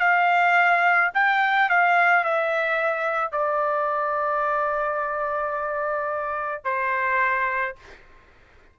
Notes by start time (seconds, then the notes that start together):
0.00 F5
1.15 G5
1.70 F5
2.24 E5
3.32 D5
6.65 C5